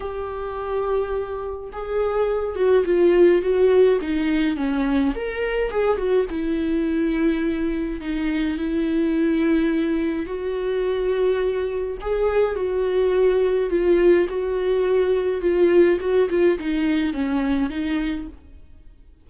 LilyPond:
\new Staff \with { instrumentName = "viola" } { \time 4/4 \tempo 4 = 105 g'2. gis'4~ | gis'8 fis'8 f'4 fis'4 dis'4 | cis'4 ais'4 gis'8 fis'8 e'4~ | e'2 dis'4 e'4~ |
e'2 fis'2~ | fis'4 gis'4 fis'2 | f'4 fis'2 f'4 | fis'8 f'8 dis'4 cis'4 dis'4 | }